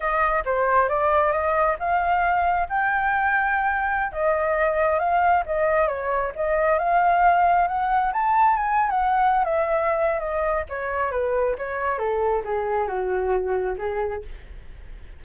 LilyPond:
\new Staff \with { instrumentName = "flute" } { \time 4/4 \tempo 4 = 135 dis''4 c''4 d''4 dis''4 | f''2 g''2~ | g''4~ g''16 dis''2 f''8.~ | f''16 dis''4 cis''4 dis''4 f''8.~ |
f''4~ f''16 fis''4 a''4 gis''8. | fis''4~ fis''16 e''4.~ e''16 dis''4 | cis''4 b'4 cis''4 a'4 | gis'4 fis'2 gis'4 | }